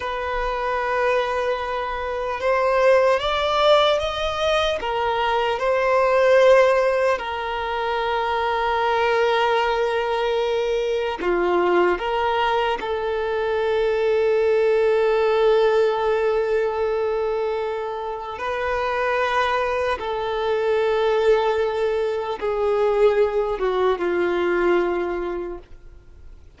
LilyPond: \new Staff \with { instrumentName = "violin" } { \time 4/4 \tempo 4 = 75 b'2. c''4 | d''4 dis''4 ais'4 c''4~ | c''4 ais'2.~ | ais'2 f'4 ais'4 |
a'1~ | a'2. b'4~ | b'4 a'2. | gis'4. fis'8 f'2 | }